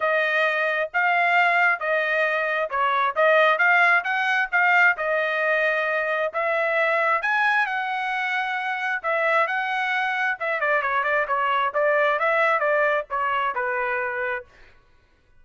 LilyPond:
\new Staff \with { instrumentName = "trumpet" } { \time 4/4 \tempo 4 = 133 dis''2 f''2 | dis''2 cis''4 dis''4 | f''4 fis''4 f''4 dis''4~ | dis''2 e''2 |
gis''4 fis''2. | e''4 fis''2 e''8 d''8 | cis''8 d''8 cis''4 d''4 e''4 | d''4 cis''4 b'2 | }